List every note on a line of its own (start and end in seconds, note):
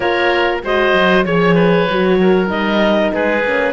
0.00 0.62 A#3
0.00 0.62 F4
0.00 0.61 A#4
0.00 0.58 C#5
0.63 0.93 G#3
0.63 1.25 F#4
0.63 1.25 C5
0.63 1.24 D#5
0.93 1.24 F#3
1.24 1.88 F3
1.24 1.87 G#4
1.24 2.49 C#5
1.24 1.55 C#5
1.55 2.17 B4
1.89 2.49 F#3
1.89 2.47 F#4
2.21 3.14 A#4
2.47 3.12 G3
2.47 3.40 D#4
2.47 3.12 D#5
3.13 3.43 G#3
3.13 3.72 G#4
3.13 3.72 B4
3.43 3.72 A#3
3.43 3.72 C#4